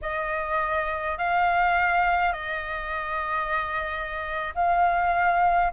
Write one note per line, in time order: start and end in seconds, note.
0.01 1.18 D#5
1.18 2.33 F5
2.33 4.53 D#5
4.55 5.72 F5